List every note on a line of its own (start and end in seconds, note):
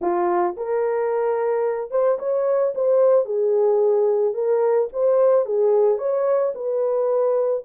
0.01 0.55 F4
0.57 1.90 A#4
1.90 2.18 C5
2.18 2.73 C#5
2.74 3.25 C5
3.25 4.34 G#4
4.34 4.88 A#4
4.92 5.45 C5
5.45 5.98 G#4
5.98 6.52 C#5
6.55 7.64 B4